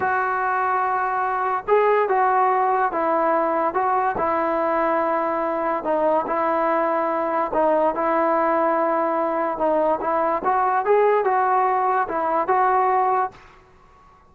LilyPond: \new Staff \with { instrumentName = "trombone" } { \time 4/4 \tempo 4 = 144 fis'1 | gis'4 fis'2 e'4~ | e'4 fis'4 e'2~ | e'2 dis'4 e'4~ |
e'2 dis'4 e'4~ | e'2. dis'4 | e'4 fis'4 gis'4 fis'4~ | fis'4 e'4 fis'2 | }